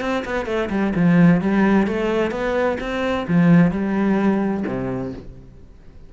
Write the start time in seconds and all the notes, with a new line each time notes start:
0.00 C4
0.25 B3
0.45 A3
0.70 G3
0.95 F3
1.40 G3
1.87 A3
2.30 B3
2.80 C4
3.28 F3
3.71 G3
4.66 C3